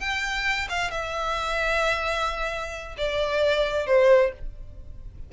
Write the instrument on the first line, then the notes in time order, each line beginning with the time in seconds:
violin
0.00 G5
0.69 F5
0.91 E5
2.98 D5
3.87 C5